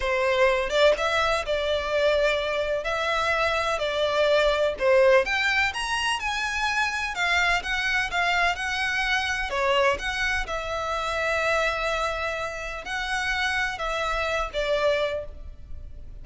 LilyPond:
\new Staff \with { instrumentName = "violin" } { \time 4/4 \tempo 4 = 126 c''4. d''8 e''4 d''4~ | d''2 e''2 | d''2 c''4 g''4 | ais''4 gis''2 f''4 |
fis''4 f''4 fis''2 | cis''4 fis''4 e''2~ | e''2. fis''4~ | fis''4 e''4. d''4. | }